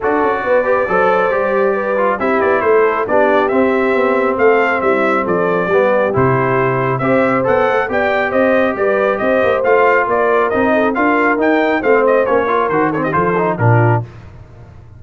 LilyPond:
<<
  \new Staff \with { instrumentName = "trumpet" } { \time 4/4 \tempo 4 = 137 d''1~ | d''4 e''8 d''8 c''4 d''4 | e''2 f''4 e''4 | d''2 c''2 |
e''4 fis''4 g''4 dis''4 | d''4 dis''4 f''4 d''4 | dis''4 f''4 g''4 f''8 dis''8 | cis''4 c''8 cis''16 dis''16 c''4 ais'4 | }
  \new Staff \with { instrumentName = "horn" } { \time 4/4 a'4 b'4 c''2 | b'4 g'4 a'4 g'4~ | g'2 a'4 e'4 | a'4 g'2. |
c''2 d''4 c''4 | b'4 c''2 ais'4~ | ais'8 a'8 ais'2 c''4~ | c''8 ais'4 a'16 g'16 a'4 f'4 | }
  \new Staff \with { instrumentName = "trombone" } { \time 4/4 fis'4. g'8 a'4 g'4~ | g'8 f'8 e'2 d'4 | c'1~ | c'4 b4 e'2 |
g'4 a'4 g'2~ | g'2 f'2 | dis'4 f'4 dis'4 c'4 | cis'8 f'8 fis'8 c'8 f'8 dis'8 d'4 | }
  \new Staff \with { instrumentName = "tuba" } { \time 4/4 d'8 cis'8 b4 fis4 g4~ | g4 c'8 b8 a4 b4 | c'4 b4 a4 g4 | f4 g4 c2 |
c'4 b8 a8 b4 c'4 | g4 c'8 ais8 a4 ais4 | c'4 d'4 dis'4 a4 | ais4 dis4 f4 ais,4 | }
>>